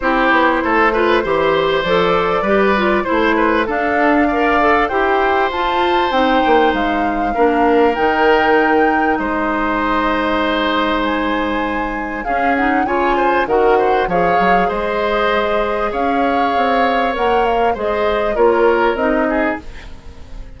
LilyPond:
<<
  \new Staff \with { instrumentName = "flute" } { \time 4/4 \tempo 4 = 98 c''2. d''4~ | d''4 c''4 f''2 | g''4 a''4 g''4 f''4~ | f''4 g''2 dis''4~ |
dis''2 gis''2 | f''8 fis''8 gis''4 fis''4 f''4 | dis''2 f''2 | fis''8 f''8 dis''4 cis''4 dis''4 | }
  \new Staff \with { instrumentName = "oboe" } { \time 4/4 g'4 a'8 b'8 c''2 | b'4 c''8 b'8 a'4 d''4 | c''1 | ais'2. c''4~ |
c''1 | gis'4 cis''8 c''8 ais'8 c''8 cis''4 | c''2 cis''2~ | cis''4 c''4 ais'4. gis'8 | }
  \new Staff \with { instrumentName = "clarinet" } { \time 4/4 e'4. f'8 g'4 a'4 | g'8 f'8 e'4 d'4 ais'8 a'8 | g'4 f'4 dis'2 | d'4 dis'2.~ |
dis'1 | cis'8 dis'8 f'4 fis'4 gis'4~ | gis'1 | ais'4 gis'4 f'4 dis'4 | }
  \new Staff \with { instrumentName = "bassoon" } { \time 4/4 c'8 b8 a4 e4 f4 | g4 a4 d'2 | e'4 f'4 c'8 ais8 gis4 | ais4 dis2 gis4~ |
gis1 | cis'4 cis4 dis4 f8 fis8 | gis2 cis'4 c'4 | ais4 gis4 ais4 c'4 | }
>>